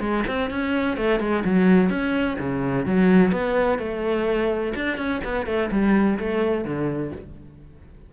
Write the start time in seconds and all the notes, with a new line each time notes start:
0.00 G#3
0.27 C4
0.50 C#4
0.97 A3
1.20 G#3
1.45 F#3
1.90 C#4
2.39 C#3
2.86 F#3
3.32 B3
3.79 A3
4.75 D4
4.97 C#4
5.24 B3
5.46 A3
5.71 G3
6.19 A3
6.64 D3